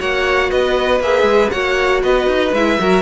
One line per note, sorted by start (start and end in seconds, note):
0.00 0.52 A#3
0.00 1.02 F#4
0.00 0.51 C#5
0.00 0.51 F#5
0.51 1.01 B3
0.51 1.52 B4
0.51 1.02 D#5
1.01 1.23 A#3
1.01 1.52 G#4
1.01 1.51 E5
1.23 1.48 G#3
1.51 2.03 A#3
1.51 2.53 F#4
1.51 2.03 C#5
1.51 2.02 F#5
2.03 2.27 B3
2.03 2.80 B4
2.03 2.54 D#5
2.27 2.53 D#4
2.53 2.78 G#3
2.53 2.79 E4
2.53 3.03 E5
2.79 3.03 F#3
2.79 3.03 F#4
2.79 3.03 A#4